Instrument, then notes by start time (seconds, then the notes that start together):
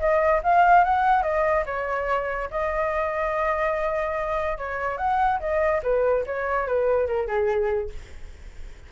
flute
0.00 D#5
0.44 F5
0.84 F#5
1.23 D#5
1.66 C#5
2.51 D#5
4.58 C#5
4.98 F#5
5.40 D#5
5.84 B4
6.27 C#5
6.67 B4
7.07 A#4
7.28 G#4